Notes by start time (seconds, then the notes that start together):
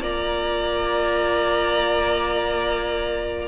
0.00 A#3 F4 D5 A#5